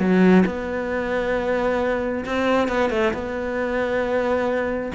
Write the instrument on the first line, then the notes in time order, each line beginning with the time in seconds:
cello
0.00 F#3
0.46 B3
2.26 C4
2.69 B3
2.90 A3
3.14 B3